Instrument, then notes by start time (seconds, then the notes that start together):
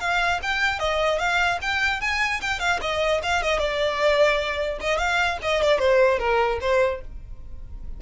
violin
0.00 F5
0.42 G5
0.79 D#5
1.19 F5
1.62 G5
2.01 G#5
2.41 G5
2.60 F5
2.81 D#5
3.23 F5
3.43 D#5
3.59 D5
4.81 D#5
4.98 F5
5.42 D#5
5.62 D5
5.79 C5
6.19 A#4
6.61 C5